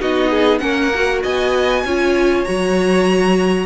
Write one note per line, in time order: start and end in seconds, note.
0.00 0.61 B3
0.00 0.59 D#4
0.00 0.29 F#4
0.00 0.58 D#5
0.29 0.60 G#4
0.58 1.23 A#3
0.58 0.90 C#4
0.58 1.22 A#4
0.58 1.20 F#5
0.94 1.86 F#4
1.22 1.83 B3
1.22 1.84 D#5
1.22 2.44 G#5
1.83 2.45 C#4
1.83 2.46 F4
1.83 3.65 C#5
2.44 3.65 F#3
2.44 3.65 F#4
2.44 3.65 A#5